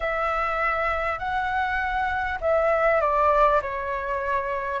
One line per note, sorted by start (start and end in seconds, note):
0.00 1.18 E5
1.18 2.38 F#5
2.41 3.00 E5
3.00 3.60 D5
3.61 4.80 C#5